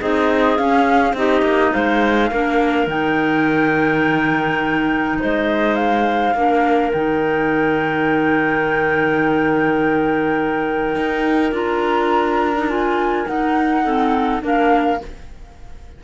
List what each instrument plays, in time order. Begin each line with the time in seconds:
0.00 cello C4, clarinet D#4 G#4, flute D#5
0.57 clarinet C#4, cello C#4, flute F5
1.13 cello C4, clarinet D#4 G4, flute D#5
1.42 cello A#3
1.72 cello G#3, clarinet C5, flute F5
2.31 cello A#3, clarinet D4 A#4
2.87 cello D#3, clarinet D#4, flute G5
5.20 cello G#3, clarinet C5, flute D#5
5.76 flute F5
6.35 cello A#3, clarinet D4 A#4
6.93 cello D#3, clarinet D#4, flute G5
10.96 cello D#4
11.52 cello D4, clarinet F4, flute A#5
12.55 clarinet D#4
12.69 clarinet F4, flute G#5
13.26 clarinet D#4, cello D#4, flute F#5
13.85 clarinet C4 A4
14.41 cello A#3, clarinet D4 A#4, flute F5